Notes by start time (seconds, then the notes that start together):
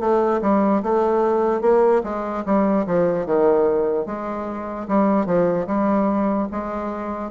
0.00 A3
0.42 G3
0.83 A3
1.61 A#3
2.03 G#3
2.45 G3
2.86 F3
3.26 D#3
4.06 G#3
4.88 G3
5.26 F3
5.67 G3
6.52 G#3